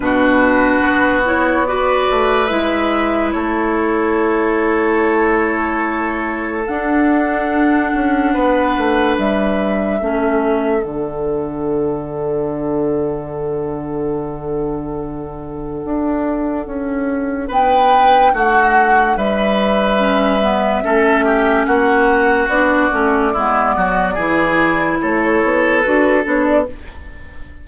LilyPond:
<<
  \new Staff \with { instrumentName = "flute" } { \time 4/4 \tempo 4 = 72 b'4. cis''8 d''4 e''4 | cis''1 | fis''2. e''4~ | e''4 fis''2.~ |
fis''1~ | fis''4 g''4 fis''4 e''4~ | e''2 fis''4 d''4~ | d''2 cis''4 b'8 cis''16 d''16 | }
  \new Staff \with { instrumentName = "oboe" } { \time 4/4 fis'2 b'2 | a'1~ | a'2 b'2 | a'1~ |
a'1~ | a'4 b'4 fis'4 b'4~ | b'4 a'8 g'8 fis'2 | e'8 fis'8 gis'4 a'2 | }
  \new Staff \with { instrumentName = "clarinet" } { \time 4/4 d'4. e'8 fis'4 e'4~ | e'1 | d'1 | cis'4 d'2.~ |
d'1~ | d'1 | cis'8 b8 cis'2 d'8 cis'8 | b4 e'2 fis'8 d'8 | }
  \new Staff \with { instrumentName = "bassoon" } { \time 4/4 b,4 b4. a8 gis4 | a1 | d'4. cis'8 b8 a8 g4 | a4 d2.~ |
d2. d'4 | cis'4 b4 a4 g4~ | g4 a4 ais4 b8 a8 | gis8 fis8 e4 a8 b8 d'8 b8 | }
>>